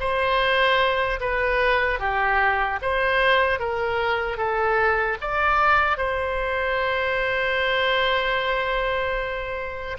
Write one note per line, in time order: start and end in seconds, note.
0.00 1.20 C5
1.20 2.00 B4
2.00 2.80 G4
2.82 3.60 C5
3.60 4.38 A#4
4.38 5.18 A4
5.21 5.98 D5
5.98 9.98 C5